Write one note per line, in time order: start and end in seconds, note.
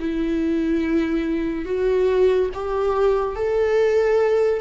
0.00 1.66 E4
1.66 2.50 F#4
2.54 3.36 G4
3.36 4.61 A4